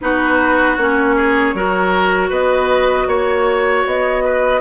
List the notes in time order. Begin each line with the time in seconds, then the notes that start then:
0.01 B3 D#4 F#4 B4
0.75 A#3 C#4 C#5
1.16 G#4
1.54 F#3 F#4 A#4
2.29 B3 B4 D#5
3.07 A#3 C#5
3.85 B3 D#5
4.24 B4